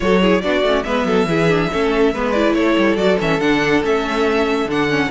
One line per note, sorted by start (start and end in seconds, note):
0.00 0.43 F#3
0.00 0.20 F#4
0.00 0.21 A4
0.00 0.41 C#5
0.21 0.43 E4
0.21 0.42 G#4
0.41 0.62 B3
0.41 0.64 D4
0.41 0.85 F#4
0.41 0.83 D5
0.62 0.83 A3
0.62 0.85 C#4
0.83 1.04 G#3
0.83 1.27 B3
0.83 1.07 B4
0.83 2.31 E5
1.04 1.25 F#3
1.04 1.28 A4
1.25 1.67 E3
1.25 1.48 E4
1.25 1.71 G#4
1.48 1.70 D4
1.72 2.14 A3
1.72 2.14 C#4
1.72 2.14 A4
2.14 2.55 G#3
2.14 2.34 B3
2.14 2.56 B4
2.31 2.97 E4
2.31 2.53 D5
2.54 2.76 A3
2.54 5.11 A4
2.54 2.96 C#5
2.77 2.96 G3
2.96 3.17 F#3
2.96 3.18 F#4
2.96 3.17 D5
3.20 3.40 E3
3.20 3.40 C#4
3.20 3.40 E5
3.40 3.82 D3
3.40 3.82 D4
3.40 3.83 F#5
3.82 4.65 A3
3.82 4.67 C#4
3.82 4.70 E5
4.65 5.07 D3
4.65 4.89 D4
4.65 5.11 F#5
4.89 5.10 C#4